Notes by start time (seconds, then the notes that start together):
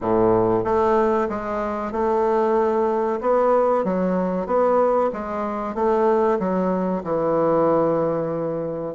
0.01 A2
0.64 A3
1.29 G#3
1.92 A3
3.21 B3
3.84 F#3
4.46 B3
5.12 G#3
5.74 A3
6.39 F#3
7.03 E3